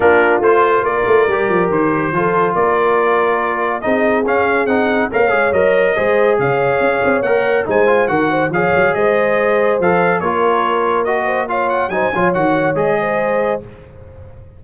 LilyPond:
<<
  \new Staff \with { instrumentName = "trumpet" } { \time 4/4 \tempo 4 = 141 ais'4 c''4 d''2 | c''2 d''2~ | d''4 dis''4 f''4 fis''4 | f''4 dis''2 f''4~ |
f''4 fis''4 gis''4 fis''4 | f''4 dis''2 f''4 | cis''2 dis''4 f''8 fis''8 | gis''4 fis''4 dis''2 | }
  \new Staff \with { instrumentName = "horn" } { \time 4/4 f'2 ais'2~ | ais'4 a'4 ais'2~ | ais'4 gis'2. | cis''2 c''4 cis''4~ |
cis''2 c''4 ais'8 c''8 | cis''4 c''2. | ais'2~ ais'8 c''8 cis''4 | c''8 cis''2 c''4. | }
  \new Staff \with { instrumentName = "trombone" } { \time 4/4 d'4 f'2 g'4~ | g'4 f'2.~ | f'4 dis'4 cis'4 dis'4 | ais'8 gis'8 ais'4 gis'2~ |
gis'4 ais'4 dis'8 f'8 fis'4 | gis'2. a'4 | f'2 fis'4 f'4 | dis'8 f'8 fis'4 gis'2 | }
  \new Staff \with { instrumentName = "tuba" } { \time 4/4 ais4 a4 ais8 a8 g8 f8 | dis4 f4 ais2~ | ais4 c'4 cis'4 c'4 | ais8 gis8 fis4 gis4 cis4 |
cis'8 c'8 ais4 gis4 dis4 | f8 fis8 gis2 f4 | ais1 | fis8 f8 dis4 gis2 | }
>>